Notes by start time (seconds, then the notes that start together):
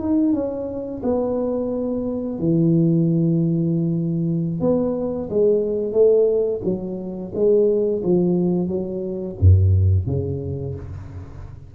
0.00 D#4
0.33 C#4
1.03 B3
2.39 E3
4.61 B3
5.30 G#3
5.93 A3
6.64 F#3
7.35 G#3
8.03 F3
8.68 F#3
9.40 F#2
10.06 C#3